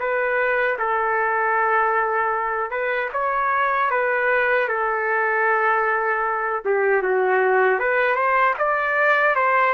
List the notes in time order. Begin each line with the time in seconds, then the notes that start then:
0.00 B4
0.79 A4
2.71 B4
3.13 C#5
3.91 B4
4.69 A4
6.66 G4
7.03 F#4
7.80 B4
8.16 C5
8.59 D5
9.36 C5